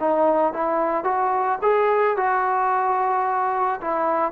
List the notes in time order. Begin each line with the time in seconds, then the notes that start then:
0.00 D#4
0.54 E4
1.04 F#4
1.62 G#4
2.17 F#4
3.81 E4